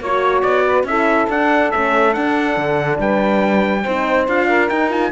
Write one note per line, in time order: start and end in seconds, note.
0.00 0.43 A#3
0.00 0.88 F#4
0.00 0.64 C#5
0.00 0.42 C#5
0.42 0.83 B3
0.42 0.85 D5
0.66 0.87 B4
0.83 1.26 C#4
0.83 1.30 E4
0.83 2.99 A4
0.83 1.29 E5
1.29 1.72 D4
1.29 1.71 F#5
1.71 2.16 A3
1.71 2.12 C#4
1.71 2.13 E5
2.12 3.83 D4
2.12 2.57 D4
2.12 2.98 F#5
2.57 2.98 D3
2.98 3.84 G3
2.98 3.83 B4
2.98 4.28 G5
3.83 4.28 C4
3.83 4.27 D#4
3.83 4.47 C5
4.27 4.70 D4
4.27 4.69 F4
4.27 4.69 F5
4.47 5.11 A#4
4.69 4.90 D#4
4.69 5.11 D#4
4.69 4.90 G5
4.90 5.11 F4
4.90 5.11 G#5